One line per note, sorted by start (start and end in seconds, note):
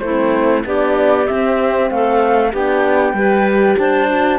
0.00 0.64 A3
0.00 0.66 E4
0.00 0.62 C5
0.08 0.64 C4
0.64 1.28 B3
0.64 1.27 D4
0.64 1.91 G4
0.64 1.27 D5
1.27 2.54 C4
1.27 1.91 C4
1.27 1.90 E5
1.90 2.54 A3
1.90 2.52 A4
1.90 2.53 F5
2.52 3.14 B3
2.52 3.15 D4
2.52 3.15 G4
2.52 3.79 G5
3.14 3.76 G3
3.14 4.09 G4
3.14 3.79 B4
3.79 4.39 D4
3.79 4.39 C5
3.79 4.39 A5
4.10 4.39 F#4